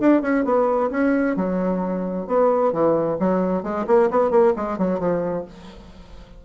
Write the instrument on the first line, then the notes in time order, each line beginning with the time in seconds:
bassoon
0.00 D4
0.21 C#4
0.44 B3
0.90 C#4
1.36 F#3
2.27 B3
2.72 E3
3.19 F#3
3.63 G#3
3.87 A#3
4.10 B3
4.30 A#3
4.56 G#3
4.78 F#3
4.99 F3